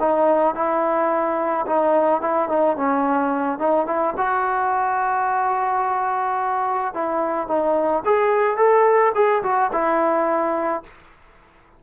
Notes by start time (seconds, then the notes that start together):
0.00 D#4
0.55 E4
1.67 D#4
2.22 E4
2.49 D#4
2.77 C#4
3.59 D#4
3.87 E4
4.18 F#4
6.94 E4
7.48 D#4
8.06 G#4
8.57 A4
9.15 G#4
9.43 F#4
9.73 E4